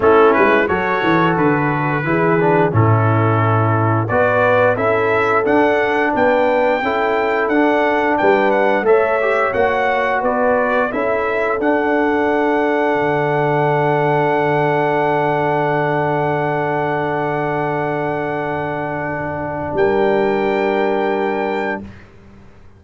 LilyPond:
<<
  \new Staff \with { instrumentName = "trumpet" } { \time 4/4 \tempo 4 = 88 a'8 b'8 cis''4 b'2 | a'2 d''4 e''4 | fis''4 g''2 fis''4 | g''8 fis''8 e''4 fis''4 d''4 |
e''4 fis''2.~ | fis''1~ | fis''1~ | fis''4 g''2. | }
  \new Staff \with { instrumentName = "horn" } { \time 4/4 e'4 a'2 gis'4 | e'2 b'4 a'4~ | a'4 b'4 a'2 | b'4 cis''2 b'4 |
a'1~ | a'1~ | a'1~ | a'4 ais'2. | }
  \new Staff \with { instrumentName = "trombone" } { \time 4/4 cis'4 fis'2 e'8 d'8 | cis'2 fis'4 e'4 | d'2 e'4 d'4~ | d'4 a'8 g'8 fis'2 |
e'4 d'2.~ | d'1~ | d'1~ | d'1 | }
  \new Staff \with { instrumentName = "tuba" } { \time 4/4 a8 gis8 fis8 e8 d4 e4 | a,2 b4 cis'4 | d'4 b4 cis'4 d'4 | g4 a4 ais4 b4 |
cis'4 d'2 d4~ | d1~ | d1~ | d4 g2. | }
>>